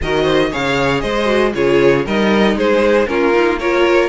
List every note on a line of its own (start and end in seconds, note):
0.02 0.53 D#3
0.02 0.51 F#4
0.02 0.23 A#4
0.02 0.53 D#5
0.23 0.49 C5
0.51 1.03 C#3
0.51 1.25 G#4
0.51 1.02 C#5
0.51 1.01 F5
1.01 1.54 G#3
1.01 1.53 C5
1.01 1.52 D#5
1.25 1.50 F#4
1.54 2.06 C#3
1.54 2.06 F4
1.54 2.05 G#4
1.54 2.06 C#5
2.05 2.55 G3
2.05 3.06 D#4
2.05 2.56 A#4
2.05 2.57 D#5
2.55 3.06 G#3
2.55 3.09 G#4
2.55 3.07 C5
3.06 4.09 A#3
3.06 3.32 C#4
3.06 3.59 F4
3.06 3.58 A#4
3.33 3.58 D#4
3.59 4.09 F4
3.59 4.09 A#4
3.59 4.09 C#5